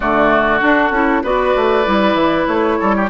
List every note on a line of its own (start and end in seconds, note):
0.00 0.60 D3
0.00 0.60 A3
0.00 1.22 F#4
0.00 0.60 D5
0.60 0.91 D4
0.60 0.90 D4
0.60 1.24 A4
0.90 1.21 C#4
0.90 1.23 E4
1.23 1.55 B3
1.23 1.85 F#4
1.23 2.78 B4
1.23 2.47 D5
1.55 1.86 A3
1.85 2.14 G3
1.85 3.08 E4
2.14 2.44 E3
2.47 2.78 A3
2.47 3.09 C#5
2.79 3.10 G3
2.79 2.95 A4
2.96 3.10 G4